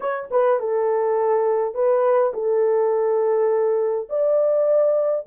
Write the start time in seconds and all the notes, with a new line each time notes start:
0.00 C#5
0.30 B4
0.59 A4
1.74 B4
2.33 A4
4.09 D5